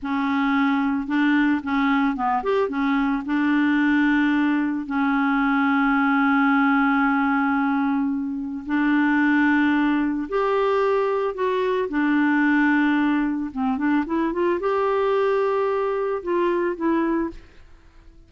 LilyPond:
\new Staff \with { instrumentName = "clarinet" } { \time 4/4 \tempo 4 = 111 cis'2 d'4 cis'4 | b8 g'8 cis'4 d'2~ | d'4 cis'2.~ | cis'1 |
d'2. g'4~ | g'4 fis'4 d'2~ | d'4 c'8 d'8 e'8 f'8 g'4~ | g'2 f'4 e'4 | }